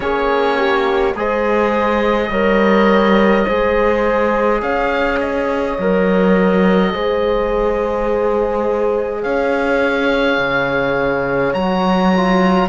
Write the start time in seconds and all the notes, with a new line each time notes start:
0.00 A#3 C#4 G#4 C#5
0.57 G4
1.14 G#3 G#4 C5 D#5
2.30 G3 A#4 C#5
3.45 G#3 G#4 C5
4.62 C#4 C#5 F5
5.19 D#5
5.78 F#3 A#4
6.93 G#3 G#4 C5
9.22 C#4 C#5 F5
10.38 C#3
11.53 F#3 F#4 A#5
12.16 F4